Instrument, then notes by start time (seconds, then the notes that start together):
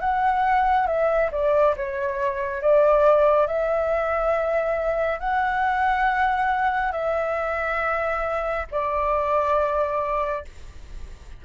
flute
0.00 F#5
0.87 E5
1.32 D5
1.76 C#5
2.62 D5
3.47 E5
5.19 F#5
6.92 E5
8.71 D5